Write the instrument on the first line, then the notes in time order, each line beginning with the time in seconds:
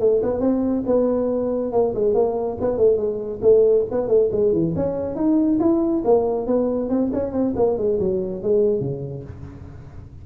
tuba
0.00 A3
0.22 B3
0.40 C4
0.86 B3
1.72 A#3
1.94 G#3
2.14 A#3
2.61 B3
2.77 A3
2.97 G#3
3.42 A3
3.91 B3
4.08 A3
4.32 G#3
4.53 E3
4.76 C#4
5.15 D#4
5.60 E4
6.05 A#3
6.47 B3
6.89 C4
7.13 C#4
7.32 C4
7.56 A#3
7.77 G#3
7.99 F#3
8.43 G#3
8.80 C#3